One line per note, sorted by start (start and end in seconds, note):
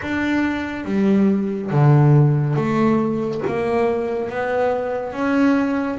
0.02 0.85 D4
0.85 1.70 G3
1.71 2.56 D3
2.56 3.41 A3
3.47 4.29 A#3
4.29 5.12 B3
5.12 5.98 C#4